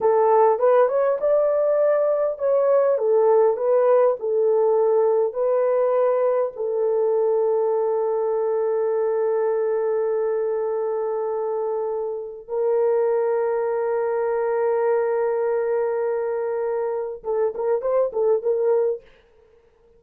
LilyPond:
\new Staff \with { instrumentName = "horn" } { \time 4/4 \tempo 4 = 101 a'4 b'8 cis''8 d''2 | cis''4 a'4 b'4 a'4~ | a'4 b'2 a'4~ | a'1~ |
a'1~ | a'4 ais'2.~ | ais'1~ | ais'4 a'8 ais'8 c''8 a'8 ais'4 | }